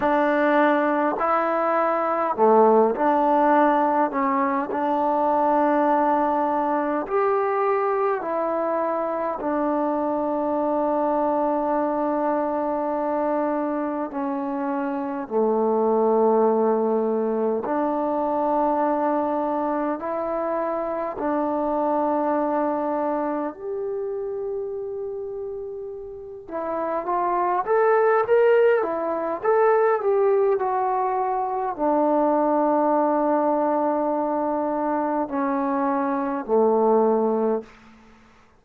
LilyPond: \new Staff \with { instrumentName = "trombone" } { \time 4/4 \tempo 4 = 51 d'4 e'4 a8 d'4 cis'8 | d'2 g'4 e'4 | d'1 | cis'4 a2 d'4~ |
d'4 e'4 d'2 | g'2~ g'8 e'8 f'8 a'8 | ais'8 e'8 a'8 g'8 fis'4 d'4~ | d'2 cis'4 a4 | }